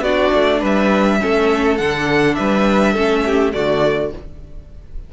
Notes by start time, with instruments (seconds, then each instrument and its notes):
0.00 cello B3, violin F#4 D5
0.06 viola D4
0.34 cello A3
0.59 cello G3, violin B4
0.66 violin E5
1.20 cello A3, viola C#4, violin A4
1.77 cello D3, viola D4, violin F#5
2.35 cello G3, violin B4 E5
2.93 cello A3, viola C#4, violin A4
3.26 violin G4
3.52 cello D3, viola A3, violin F#4 D5